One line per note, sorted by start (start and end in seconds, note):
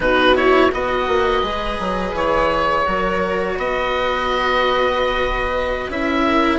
0.00 0.71 B2
0.00 0.34 D#4
0.00 0.72 F#4
0.00 0.36 B4
0.34 0.70 E4
0.34 0.72 C#5
0.71 1.07 B3
0.71 1.42 F#4
0.71 2.86 B4
0.71 2.16 D#5
1.07 1.42 A#3
1.42 1.78 G#3
1.42 2.85 G#4
1.79 2.12 F#3
2.12 2.84 E3
2.12 3.59 C#5
2.85 3.57 F#3
2.85 5.89 F#4
2.85 3.56 A#4
3.56 5.89 B3
3.56 6.24 B4
3.56 5.91 D#5
5.89 6.59 C#4
5.89 6.59 E4
5.89 6.59 E5
6.25 6.59 A#4